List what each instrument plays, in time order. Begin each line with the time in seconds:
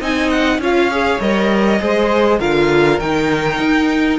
0.00 cello C4, viola D#4, violin D#5 G#5
0.30 violin F#5
0.58 cello C#4, viola F4, violin C#5 F5
0.90 viola G#4
1.20 cello G3, viola A#4, violin D#5
1.79 cello G#3, viola G#4, violin C5
2.39 cello D3, viola F4, violin A#4 F5
2.99 cello D#3, viola D#4, violin G5
3.59 cello D#4